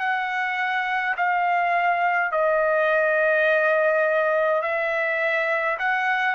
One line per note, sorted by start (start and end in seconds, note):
0.00 1.15 F#5
1.17 2.32 F5
2.32 4.62 D#5
4.62 5.77 E5
5.78 6.35 F#5